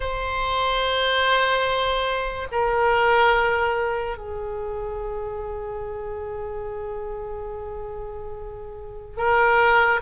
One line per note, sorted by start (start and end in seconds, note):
0.00 2.47 C5
2.52 4.17 A#4
4.17 9.17 G#4
9.17 10.00 A#4